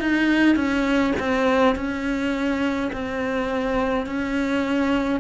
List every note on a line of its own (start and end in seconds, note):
0.00 0.56 D#4
0.56 1.14 C#4
1.20 1.75 C4
1.75 2.91 C#4
2.93 4.06 C4
4.06 5.20 C#4